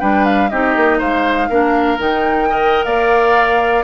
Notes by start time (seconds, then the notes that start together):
0.00 G3 D4 B4 G5
0.25 F5
0.50 C4 D#4 G4 D#5
0.76 A#3
0.99 G#3 C5 F5
1.49 A#3 D4 A#4
1.98 D#3 D#4 G5
2.49 A#4 D#5
2.84 A#3 D5 F5